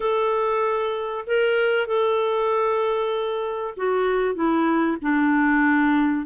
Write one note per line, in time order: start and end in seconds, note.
0.00 1.25 A4
1.26 1.87 A#4
1.87 3.74 A4
3.76 4.34 F#4
4.34 4.97 E4
5.01 6.26 D4